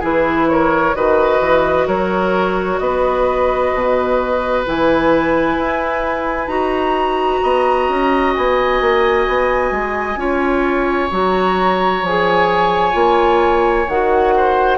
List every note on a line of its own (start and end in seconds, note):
0.00 0.95 E3
0.00 0.94 E4
0.00 0.46 G#4
0.00 0.49 B4
0.49 0.96 A#4
0.49 0.95 C#5
0.95 1.41 D#3
0.95 4.64 F#4
0.95 1.88 B4
0.95 1.88 D#5
1.41 1.87 E3
1.87 2.80 F#3
1.87 2.80 A#4
1.87 2.79 C#5
2.79 3.72 B3
2.79 7.42 B4
2.79 4.64 D#5
3.73 4.66 B2
4.66 5.58 E3
4.66 6.48 E4
4.66 6.48 G#5
5.58 6.47 E4
6.47 7.40 D#4
6.47 10.17 F#4
6.47 8.32 A#5
7.42 7.89 B3
7.42 10.19 D#5
7.89 8.35 C#4
8.35 8.81 B3
8.35 11.12 G#5
8.81 9.27 A#3
9.28 9.72 B3
9.72 10.16 G#3
10.16 11.09 C#4
10.16 11.10 F4
10.16 14.35 C#5
11.11 12.03 F#3
11.11 12.03 F#4
11.11 12.05 A#5
12.03 12.95 F3
12.03 12.93 G#4
12.03 13.89 G#5
12.93 13.87 A#3
12.93 13.85 F4
13.88 14.78 D#3
13.88 14.78 F#4
13.88 14.78 F#5
14.36 14.78 C5